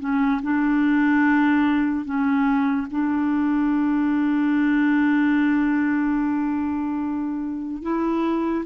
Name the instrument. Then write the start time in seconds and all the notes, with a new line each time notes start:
clarinet
0.00 C#4
0.43 D4
2.05 C#4
2.91 D4
7.83 E4